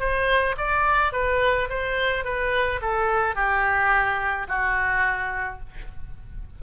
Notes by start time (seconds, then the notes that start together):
0.00 C5
0.58 D5
1.13 B4
1.70 C5
2.25 B4
2.82 A4
3.36 G4
4.48 F#4